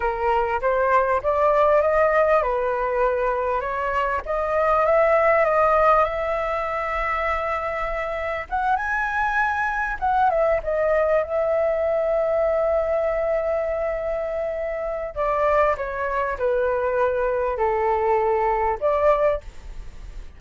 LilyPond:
\new Staff \with { instrumentName = "flute" } { \time 4/4 \tempo 4 = 99 ais'4 c''4 d''4 dis''4 | b'2 cis''4 dis''4 | e''4 dis''4 e''2~ | e''2 fis''8 gis''4.~ |
gis''8 fis''8 e''8 dis''4 e''4.~ | e''1~ | e''4 d''4 cis''4 b'4~ | b'4 a'2 d''4 | }